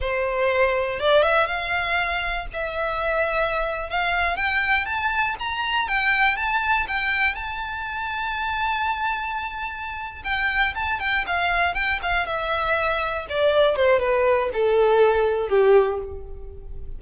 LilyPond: \new Staff \with { instrumentName = "violin" } { \time 4/4 \tempo 4 = 120 c''2 d''8 e''8 f''4~ | f''4 e''2~ e''8. f''16~ | f''8. g''4 a''4 ais''4 g''16~ | g''8. a''4 g''4 a''4~ a''16~ |
a''1~ | a''8 g''4 a''8 g''8 f''4 g''8 | f''8 e''2 d''4 c''8 | b'4 a'2 g'4 | }